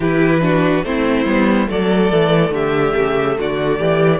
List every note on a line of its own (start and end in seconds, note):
0.00 0.83 E3
0.00 0.41 E4
0.00 0.40 G4
0.00 0.84 B4
0.41 0.83 D4
0.41 0.86 F#4
0.83 1.25 A3
0.83 1.26 C4
0.83 1.69 E4
0.83 1.68 C5
1.25 1.67 G3
1.25 1.67 B3
1.67 2.11 F#3
1.67 4.19 A3
1.67 2.53 A4
1.67 2.54 D5
2.11 2.51 E3
2.51 2.93 D3
2.51 3.38 G4
2.51 3.39 E5
2.95 3.37 C#3
3.38 3.79 D3
3.38 3.78 F#4
3.38 4.19 D5
3.78 4.19 E3
3.78 4.19 G4